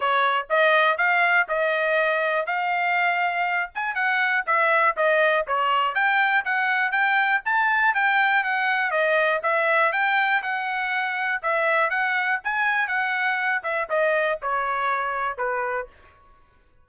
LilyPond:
\new Staff \with { instrumentName = "trumpet" } { \time 4/4 \tempo 4 = 121 cis''4 dis''4 f''4 dis''4~ | dis''4 f''2~ f''8 gis''8 | fis''4 e''4 dis''4 cis''4 | g''4 fis''4 g''4 a''4 |
g''4 fis''4 dis''4 e''4 | g''4 fis''2 e''4 | fis''4 gis''4 fis''4. e''8 | dis''4 cis''2 b'4 | }